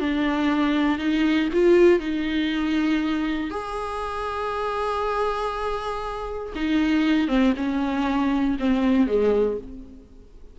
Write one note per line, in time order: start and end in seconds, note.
0.00 0.99 D4
0.99 1.49 D#4
1.53 2.00 F4
2.00 3.50 D#4
3.50 6.53 G#4
6.55 7.28 D#4
7.28 7.53 C4
7.57 8.57 C#4
8.59 9.07 C4
9.07 9.58 G#3